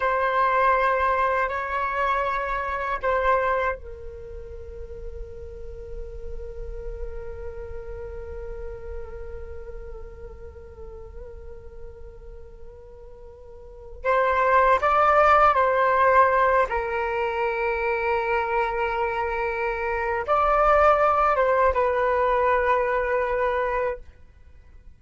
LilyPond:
\new Staff \with { instrumentName = "flute" } { \time 4/4 \tempo 4 = 80 c''2 cis''2 | c''4 ais'2.~ | ais'1~ | ais'1~ |
ais'2~ ais'8. c''4 d''16~ | d''8. c''4. ais'4.~ ais'16~ | ais'2. d''4~ | d''8 c''8 b'2. | }